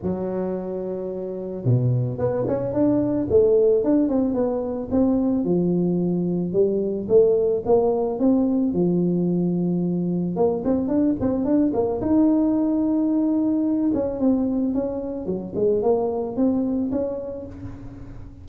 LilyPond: \new Staff \with { instrumentName = "tuba" } { \time 4/4 \tempo 4 = 110 fis2. b,4 | b8 cis'8 d'4 a4 d'8 c'8 | b4 c'4 f2 | g4 a4 ais4 c'4 |
f2. ais8 c'8 | d'8 c'8 d'8 ais8 dis'2~ | dis'4. cis'8 c'4 cis'4 | fis8 gis8 ais4 c'4 cis'4 | }